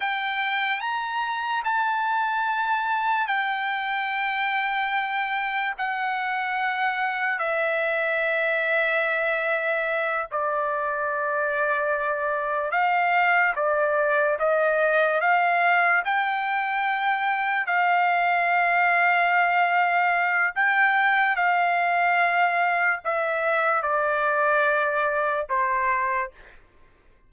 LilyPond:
\new Staff \with { instrumentName = "trumpet" } { \time 4/4 \tempo 4 = 73 g''4 ais''4 a''2 | g''2. fis''4~ | fis''4 e''2.~ | e''8 d''2. f''8~ |
f''8 d''4 dis''4 f''4 g''8~ | g''4. f''2~ f''8~ | f''4 g''4 f''2 | e''4 d''2 c''4 | }